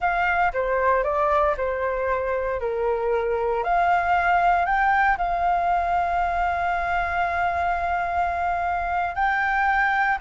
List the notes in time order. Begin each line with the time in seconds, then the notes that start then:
0.00 F5
0.53 C5
1.03 D5
1.57 C5
2.60 A#4
3.63 F5
4.65 G5
5.17 F5
9.15 G5